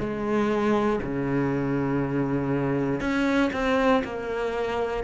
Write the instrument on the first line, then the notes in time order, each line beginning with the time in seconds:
cello
0.00 G#3
1.03 C#3
3.00 C#4
3.53 C4
4.05 A#3